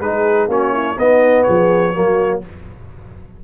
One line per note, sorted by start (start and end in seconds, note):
0.00 0.47 G#3
0.00 0.48 D#4
0.00 0.49 G#4
0.00 0.48 B4
0.47 0.95 A#3
0.47 0.96 C#4
0.47 0.72 F#4
0.47 0.98 C#5
0.72 0.96 E4
0.98 1.93 B3
0.98 1.46 B3
0.98 1.45 D#4
0.98 1.43 D#5
1.43 1.96 F3
1.43 1.93 G#4
1.43 2.39 C#5
1.93 2.44 F#3
1.93 2.41 A#3
1.93 2.41 F#4